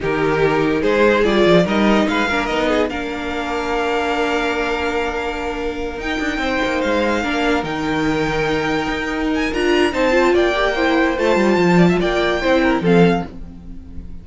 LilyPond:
<<
  \new Staff \with { instrumentName = "violin" } { \time 4/4 \tempo 4 = 145 ais'2 c''4 d''4 | dis''4 f''4 dis''4 f''4~ | f''1~ | f''2~ f''8 g''4.~ |
g''8 f''2 g''4.~ | g''2~ g''8 gis''8 ais''4 | a''4 g''2 a''4~ | a''4 g''2 f''4 | }
  \new Staff \with { instrumentName = "violin" } { \time 4/4 g'2 gis'2 | ais'4 b'8 ais'4 gis'8 ais'4~ | ais'1~ | ais'2.~ ais'8 c''8~ |
c''4. ais'2~ ais'8~ | ais'1 | c''4 d''4 c''2~ | c''8 d''16 e''16 d''4 c''8 ais'8 a'4 | }
  \new Staff \with { instrumentName = "viola" } { \time 4/4 dis'2. f'4 | dis'4. d'8 dis'4 d'4~ | d'1~ | d'2~ d'8 dis'4.~ |
dis'4. d'4 dis'4.~ | dis'2. f'4 | dis'8 f'4 g'8 e'4 f'4~ | f'2 e'4 c'4 | }
  \new Staff \with { instrumentName = "cello" } { \time 4/4 dis2 gis4 g8 f8 | g4 gis8 ais8 b4 ais4~ | ais1~ | ais2~ ais8 dis'8 d'8 c'8 |
ais8 gis4 ais4 dis4.~ | dis4. dis'4. d'4 | c'4 ais2 a8 g8 | f4 ais4 c'4 f4 | }
>>